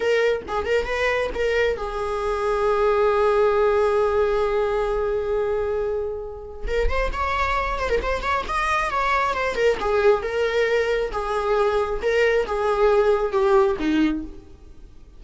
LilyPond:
\new Staff \with { instrumentName = "viola" } { \time 4/4 \tempo 4 = 135 ais'4 gis'8 ais'8 b'4 ais'4 | gis'1~ | gis'1~ | gis'2. ais'8 c''8 |
cis''4. c''16 ais'16 c''8 cis''8 dis''4 | cis''4 c''8 ais'8 gis'4 ais'4~ | ais'4 gis'2 ais'4 | gis'2 g'4 dis'4 | }